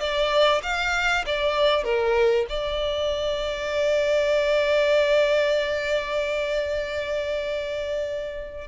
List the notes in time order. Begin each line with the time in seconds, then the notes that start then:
0.00 D5
0.63 F5
1.26 D5
1.84 A#4
2.49 D5